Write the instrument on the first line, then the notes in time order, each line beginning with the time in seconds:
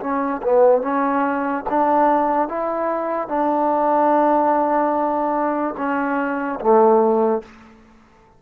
trombone
0.00 C#4
0.42 B3
0.81 C#4
1.69 D4
2.48 E4
3.28 D4
5.77 C#4
6.60 A3